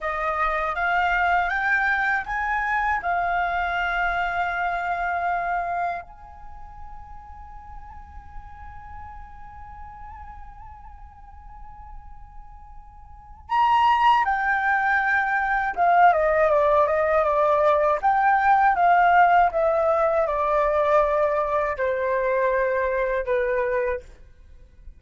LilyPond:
\new Staff \with { instrumentName = "flute" } { \time 4/4 \tempo 4 = 80 dis''4 f''4 g''4 gis''4 | f''1 | gis''1~ | gis''1~ |
gis''2 ais''4 g''4~ | g''4 f''8 dis''8 d''8 dis''8 d''4 | g''4 f''4 e''4 d''4~ | d''4 c''2 b'4 | }